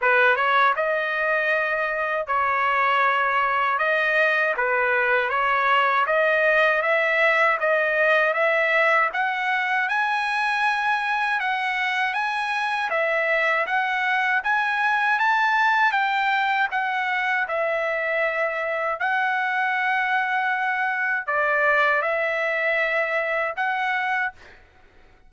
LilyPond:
\new Staff \with { instrumentName = "trumpet" } { \time 4/4 \tempo 4 = 79 b'8 cis''8 dis''2 cis''4~ | cis''4 dis''4 b'4 cis''4 | dis''4 e''4 dis''4 e''4 | fis''4 gis''2 fis''4 |
gis''4 e''4 fis''4 gis''4 | a''4 g''4 fis''4 e''4~ | e''4 fis''2. | d''4 e''2 fis''4 | }